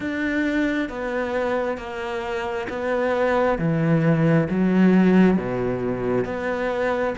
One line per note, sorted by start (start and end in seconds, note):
0.00 0.89 D4
0.89 1.77 B3
1.77 2.67 A#3
2.69 3.58 B3
3.58 4.48 E3
4.49 5.37 F#3
5.37 6.24 B2
6.24 7.14 B3